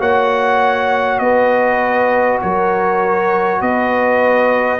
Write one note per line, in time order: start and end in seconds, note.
0.00 1.20 A#3
0.00 4.80 F#4
0.00 1.20 C#5
0.00 1.19 F#5
1.19 2.40 B3
1.19 2.42 B4
1.19 2.39 D#5
2.42 3.62 F#3
2.42 3.61 A#4
2.42 3.62 C#5
3.61 4.80 B3
3.61 4.80 B4
3.61 4.80 D#5